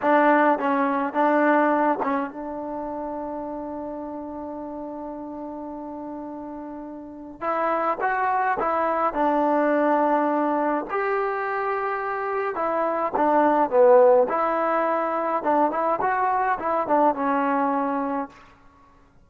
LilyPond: \new Staff \with { instrumentName = "trombone" } { \time 4/4 \tempo 4 = 105 d'4 cis'4 d'4. cis'8 | d'1~ | d'1~ | d'4 e'4 fis'4 e'4 |
d'2. g'4~ | g'2 e'4 d'4 | b4 e'2 d'8 e'8 | fis'4 e'8 d'8 cis'2 | }